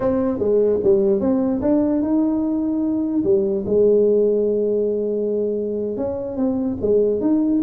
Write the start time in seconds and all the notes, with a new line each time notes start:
0.00 C4
0.39 G#3
0.83 G3
1.20 C4
1.61 D4
2.02 D#4
3.24 G3
3.66 G#3
5.96 C#4
6.36 C4
6.81 G#3
7.21 D#4